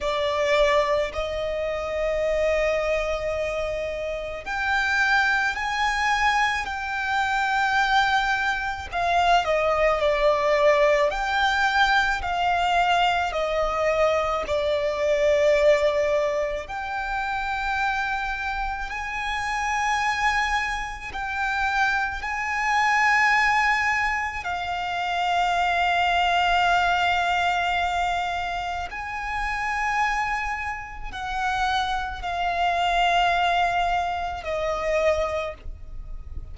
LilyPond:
\new Staff \with { instrumentName = "violin" } { \time 4/4 \tempo 4 = 54 d''4 dis''2. | g''4 gis''4 g''2 | f''8 dis''8 d''4 g''4 f''4 | dis''4 d''2 g''4~ |
g''4 gis''2 g''4 | gis''2 f''2~ | f''2 gis''2 | fis''4 f''2 dis''4 | }